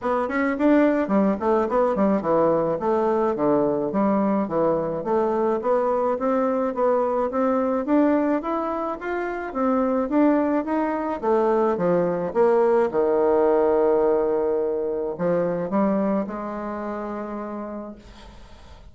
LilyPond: \new Staff \with { instrumentName = "bassoon" } { \time 4/4 \tempo 4 = 107 b8 cis'8 d'4 g8 a8 b8 g8 | e4 a4 d4 g4 | e4 a4 b4 c'4 | b4 c'4 d'4 e'4 |
f'4 c'4 d'4 dis'4 | a4 f4 ais4 dis4~ | dis2. f4 | g4 gis2. | }